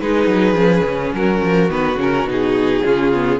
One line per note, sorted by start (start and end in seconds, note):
0.00 0.27 G#3
0.00 0.56 D#4
0.00 1.16 G#4
0.00 1.13 B4
0.27 0.54 F#3
0.54 0.82 F3
0.54 1.69 C#4
0.85 1.13 C#3
1.14 1.42 F#3
1.14 2.84 F#4
1.14 1.71 A#4
1.43 1.71 F3
1.70 1.96 D#3
1.70 1.99 B3
1.70 1.99 B4
1.96 2.24 C#3
1.96 2.28 C#4
1.96 2.30 A#4
2.24 2.81 B2
2.24 2.84 D#4
2.32 3.40 G#4
2.84 3.40 C#3
2.84 3.12 C#4
2.84 3.40 F4
3.14 3.40 B3